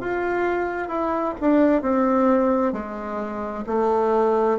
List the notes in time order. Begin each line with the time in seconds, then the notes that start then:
0.00 F4
0.88 E4
1.40 D4
1.82 C4
2.72 G#3
3.66 A3